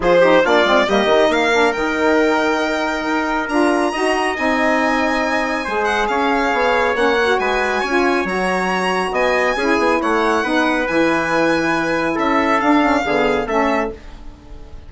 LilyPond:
<<
  \new Staff \with { instrumentName = "violin" } { \time 4/4 \tempo 4 = 138 c''4 d''4 dis''4 f''4 | g''1 | ais''2 gis''2~ | gis''4. fis''8 f''2 |
fis''4 gis''2 ais''4~ | ais''4 gis''2 fis''4~ | fis''4 gis''2. | e''4 f''2 e''4 | }
  \new Staff \with { instrumentName = "trumpet" } { \time 4/4 gis'8 g'8 f'4 g'4 ais'4~ | ais'1~ | ais'4 dis''2.~ | dis''4 c''4 cis''2~ |
cis''4 b'4 cis''2~ | cis''4 dis''4 gis'4 cis''4 | b'1 | a'2 gis'4 a'4 | }
  \new Staff \with { instrumentName = "saxophone" } { \time 4/4 f'8 dis'8 d'8 c'8 ais8 dis'4 d'8 | dis'1 | f'4 fis'4 dis'2~ | dis'4 gis'2. |
cis'8 fis'4. f'4 fis'4~ | fis'2 e'2 | dis'4 e'2.~ | e'4 d'8 cis'8 b4 cis'4 | }
  \new Staff \with { instrumentName = "bassoon" } { \time 4/4 f4 ais8 gis8 g8 dis8 ais4 | dis2. dis'4 | d'4 dis'4 c'2~ | c'4 gis4 cis'4 b4 |
ais4 gis4 cis'4 fis4~ | fis4 b4 cis'8 b8 a4 | b4 e2. | cis'4 d'4 d4 a4 | }
>>